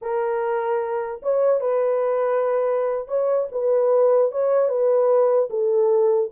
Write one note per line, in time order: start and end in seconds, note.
0.01 1.21 A#4
1.22 1.60 C#5
1.60 3.07 B4
3.07 3.47 C#5
3.51 4.31 B4
4.31 4.69 C#5
4.69 5.49 B4
5.50 6.30 A4